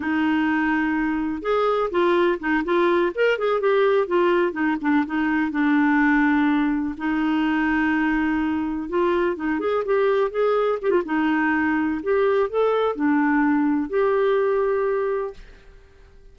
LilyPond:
\new Staff \with { instrumentName = "clarinet" } { \time 4/4 \tempo 4 = 125 dis'2. gis'4 | f'4 dis'8 f'4 ais'8 gis'8 g'8~ | g'8 f'4 dis'8 d'8 dis'4 d'8~ | d'2~ d'8 dis'4.~ |
dis'2~ dis'8 f'4 dis'8 | gis'8 g'4 gis'4 g'16 f'16 dis'4~ | dis'4 g'4 a'4 d'4~ | d'4 g'2. | }